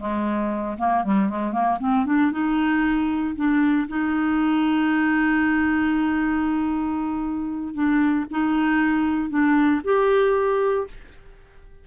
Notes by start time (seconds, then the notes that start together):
0.00 G#3
0.78 A#3
1.04 G3
1.30 G#3
1.53 A#3
1.80 C4
2.06 D4
2.32 D#4
3.36 D4
3.89 D#4
7.74 D4
8.31 D#4
9.30 D4
9.84 G4